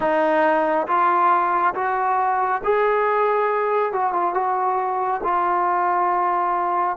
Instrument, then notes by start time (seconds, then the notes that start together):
trombone
0.00 D#4
0.87 F4
1.74 F#4
2.63 G#4
3.92 F#4
4.12 F4
4.34 F#4
5.23 F4